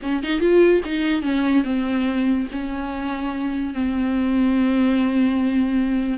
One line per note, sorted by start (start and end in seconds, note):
0.02 0.23 C#4
0.23 0.39 D#4
0.39 0.81 F4
0.85 1.22 D#4
1.22 1.63 C#4
1.64 2.46 C4
2.51 3.74 C#4
3.74 6.18 C4